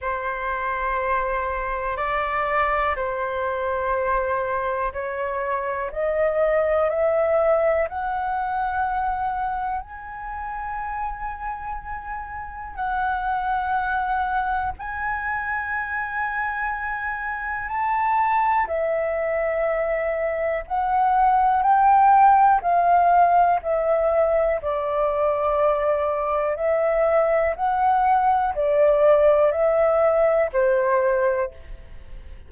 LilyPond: \new Staff \with { instrumentName = "flute" } { \time 4/4 \tempo 4 = 61 c''2 d''4 c''4~ | c''4 cis''4 dis''4 e''4 | fis''2 gis''2~ | gis''4 fis''2 gis''4~ |
gis''2 a''4 e''4~ | e''4 fis''4 g''4 f''4 | e''4 d''2 e''4 | fis''4 d''4 e''4 c''4 | }